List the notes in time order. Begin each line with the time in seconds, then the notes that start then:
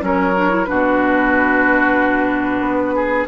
0.00 F#3 C#4 A#4 C#5
0.36 D4
0.49 E4
0.65 B2 D4 F#4 B4
2.60 B3
2.95 G#4